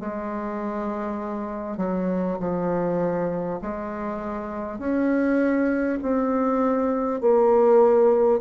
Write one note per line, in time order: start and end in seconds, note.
0.00 1.77 G#3
1.77 2.37 F#3
2.40 3.60 F3
3.62 4.79 G#3
4.79 5.99 C#4
6.02 7.21 C4
7.21 8.41 A#3